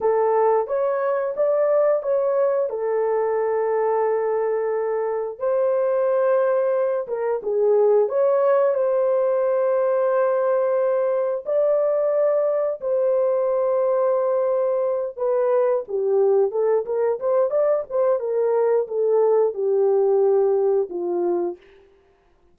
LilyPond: \new Staff \with { instrumentName = "horn" } { \time 4/4 \tempo 4 = 89 a'4 cis''4 d''4 cis''4 | a'1 | c''2~ c''8 ais'8 gis'4 | cis''4 c''2.~ |
c''4 d''2 c''4~ | c''2~ c''8 b'4 g'8~ | g'8 a'8 ais'8 c''8 d''8 c''8 ais'4 | a'4 g'2 f'4 | }